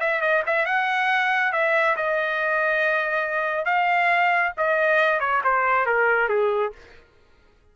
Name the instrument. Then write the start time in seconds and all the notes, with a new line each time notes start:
trumpet
0.00 E5
0.21 D#5
0.46 E5
0.66 F#5
1.52 E5
1.96 D#5
3.65 F5
4.57 D#5
5.20 C#5
5.44 C5
5.86 A#4
6.29 G#4